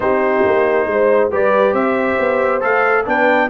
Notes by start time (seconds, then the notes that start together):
0.00 C4 D#4 G4 C5
0.44 A#3
0.86 G#3 C5
1.30 G3 G4 B4 D5
1.73 C4 C5 E5
2.19 B3
2.60 A3 A4 F5
3.05 B3 D4 B4 G5